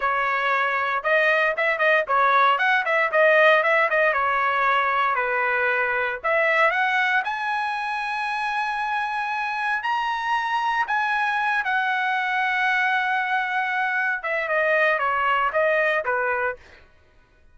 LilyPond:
\new Staff \with { instrumentName = "trumpet" } { \time 4/4 \tempo 4 = 116 cis''2 dis''4 e''8 dis''8 | cis''4 fis''8 e''8 dis''4 e''8 dis''8 | cis''2 b'2 | e''4 fis''4 gis''2~ |
gis''2. ais''4~ | ais''4 gis''4. fis''4.~ | fis''2.~ fis''8 e''8 | dis''4 cis''4 dis''4 b'4 | }